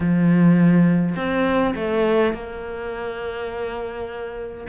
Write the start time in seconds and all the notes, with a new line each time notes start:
0.00 F3
1.16 C4
1.75 A3
2.33 A#3